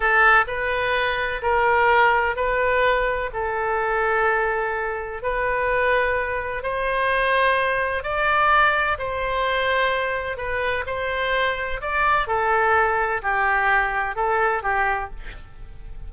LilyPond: \new Staff \with { instrumentName = "oboe" } { \time 4/4 \tempo 4 = 127 a'4 b'2 ais'4~ | ais'4 b'2 a'4~ | a'2. b'4~ | b'2 c''2~ |
c''4 d''2 c''4~ | c''2 b'4 c''4~ | c''4 d''4 a'2 | g'2 a'4 g'4 | }